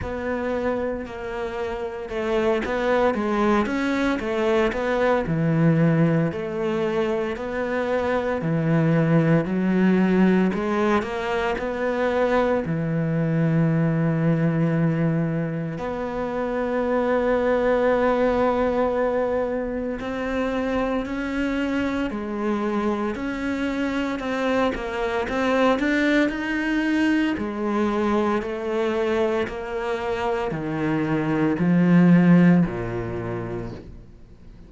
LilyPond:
\new Staff \with { instrumentName = "cello" } { \time 4/4 \tempo 4 = 57 b4 ais4 a8 b8 gis8 cis'8 | a8 b8 e4 a4 b4 | e4 fis4 gis8 ais8 b4 | e2. b4~ |
b2. c'4 | cis'4 gis4 cis'4 c'8 ais8 | c'8 d'8 dis'4 gis4 a4 | ais4 dis4 f4 ais,4 | }